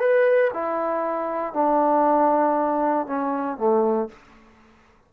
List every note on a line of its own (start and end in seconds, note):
0.00 0.51 B4
0.53 1.53 E4
1.53 3.07 D4
3.07 3.58 C#4
3.58 4.09 A3